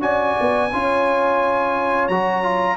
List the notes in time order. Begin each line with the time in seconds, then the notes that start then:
0.00 C#4 F#4 D5 G#5
0.40 B3
0.72 C#4 F4 C#5
2.08 F#3 F#4 A#5
2.42 F4